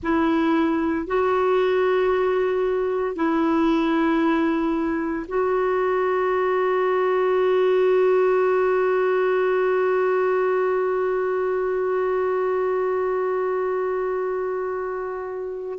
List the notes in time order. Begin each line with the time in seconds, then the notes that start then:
0.02 E4
1.06 F#4
3.15 E4
5.28 F#4